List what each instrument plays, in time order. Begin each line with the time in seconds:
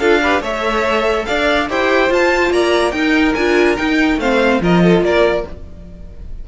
0.00 cello D4, viola F4, violin A4 F5
0.23 viola G4, violin B4
0.41 cello A3, viola A4, violin C#5 E5
1.26 cello D4, violin D5 F5
1.69 cello E4, viola G4, violin C5 G5
2.10 viola F4, cello F4, violin A5
2.51 cello A#3, violin D5 A#5
2.92 cello D#4, viola D#4, violin A#4 G5
3.35 cello D4, viola F4, violin G#5
3.77 viola D#4, cello D#4, violin G5
4.18 cello A3, viola C4, violin C5 F5
4.61 cello F3, viola F4, violin A#4 D#5
4.83 violin A4
5.02 cello A#3, violin A#4 D5